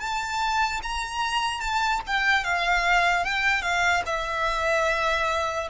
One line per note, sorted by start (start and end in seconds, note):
0.00 0.81 A5
0.83 1.61 A#5
1.61 2.01 A5
2.07 2.44 G5
2.44 3.25 F5
3.25 3.62 G5
3.62 4.03 F5
4.07 5.69 E5